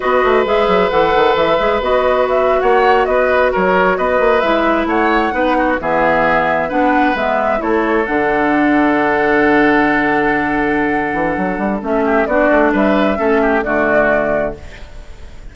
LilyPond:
<<
  \new Staff \with { instrumentName = "flute" } { \time 4/4 \tempo 4 = 132 dis''4 e''4 fis''4 e''4 | dis''4 e''8. fis''4 dis''4 cis''16~ | cis''8. dis''4 e''4 fis''4~ fis''16~ | fis''8. e''2 fis''4 e''16~ |
e''8. cis''4 fis''2~ fis''16~ | fis''1~ | fis''2 e''4 d''4 | e''2 d''2 | }
  \new Staff \with { instrumentName = "oboe" } { \time 4/4 b'1~ | b'4.~ b'16 cis''4 b'4 ais'16~ | ais'8. b'2 cis''4 b'16~ | b'16 fis'8 gis'2 b'4~ b'16~ |
b'8. a'2.~ a'16~ | a'1~ | a'2~ a'8 g'8 fis'4 | b'4 a'8 g'8 fis'2 | }
  \new Staff \with { instrumentName = "clarinet" } { \time 4/4 fis'4 gis'4 a'4. gis'8 | fis'1~ | fis'4.~ fis'16 e'2 dis'16~ | dis'8. b2 d'4 b16~ |
b8. e'4 d'2~ d'16~ | d'1~ | d'2 cis'4 d'4~ | d'4 cis'4 a2 | }
  \new Staff \with { instrumentName = "bassoon" } { \time 4/4 b8 a8 gis8 fis8 e8 dis8 e8 gis8 | b4.~ b16 ais4 b4 fis16~ | fis8. b8 ais8 gis4 a4 b16~ | b8. e2 b4 gis16~ |
gis8. a4 d2~ d16~ | d1~ | d8 e8 fis8 g8 a4 b8 a8 | g4 a4 d2 | }
>>